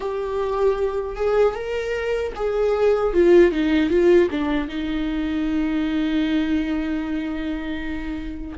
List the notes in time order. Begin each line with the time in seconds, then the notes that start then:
0.00 G4
1.16 G#4
1.54 A#4
2.36 G#4
3.13 F4
3.51 D#4
3.90 F4
4.31 D4
4.68 D#4